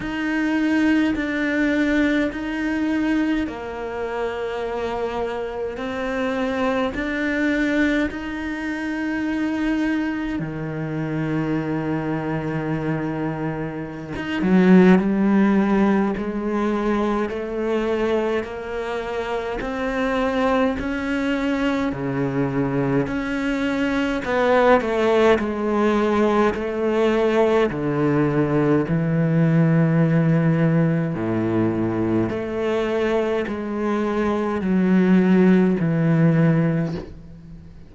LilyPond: \new Staff \with { instrumentName = "cello" } { \time 4/4 \tempo 4 = 52 dis'4 d'4 dis'4 ais4~ | ais4 c'4 d'4 dis'4~ | dis'4 dis2.~ | dis16 dis'16 fis8 g4 gis4 a4 |
ais4 c'4 cis'4 cis4 | cis'4 b8 a8 gis4 a4 | d4 e2 a,4 | a4 gis4 fis4 e4 | }